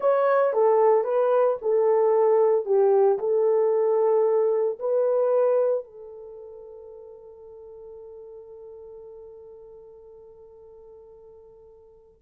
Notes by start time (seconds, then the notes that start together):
0.00 C#5
0.53 A4
1.04 B4
1.61 A4
2.65 G4
3.19 A4
4.79 B4
5.84 A4